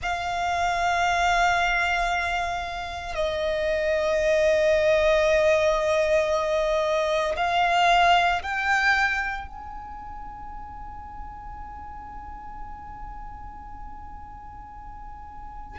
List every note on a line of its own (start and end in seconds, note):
0.02 3.14 F5
3.14 7.35 D#5
7.36 8.42 F5
8.42 9.47 G5
9.47 15.78 G#5